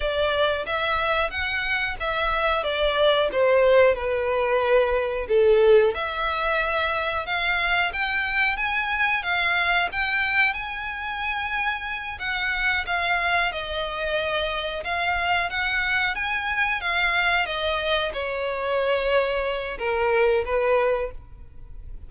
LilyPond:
\new Staff \with { instrumentName = "violin" } { \time 4/4 \tempo 4 = 91 d''4 e''4 fis''4 e''4 | d''4 c''4 b'2 | a'4 e''2 f''4 | g''4 gis''4 f''4 g''4 |
gis''2~ gis''8 fis''4 f''8~ | f''8 dis''2 f''4 fis''8~ | fis''8 gis''4 f''4 dis''4 cis''8~ | cis''2 ais'4 b'4 | }